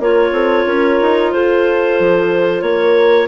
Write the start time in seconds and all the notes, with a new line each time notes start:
0.00 A#3 F4 A#4 C#5
0.32 C4 A4
0.66 C#4 A#4
1.02 D#4
1.32 F4 A4 C5
2.00 F3
2.62 A#3 A#4 C#5